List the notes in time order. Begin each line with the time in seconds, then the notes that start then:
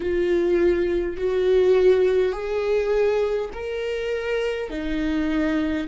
0.00 F4
1.17 F#4
2.32 G#4
3.53 A#4
4.70 D#4